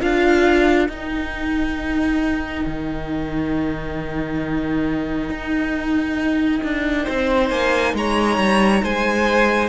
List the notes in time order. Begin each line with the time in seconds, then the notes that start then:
0.00 D4 F4 A#4 F5
0.89 D#4 G5
2.66 D#3
5.29 D#4
6.63 D4
7.04 C4 C5
7.50 A#3 G#5
7.94 G#3 C#5 A#5
8.37 G3
8.83 G#3 C5 G#5